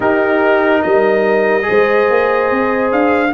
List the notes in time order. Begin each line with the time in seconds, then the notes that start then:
0.00 D#4 G4 A#4
0.82 G3 A#4 D#5
1.62 G#4
1.68 G#3 C5
2.10 A#3
2.50 C4
2.91 D4 F5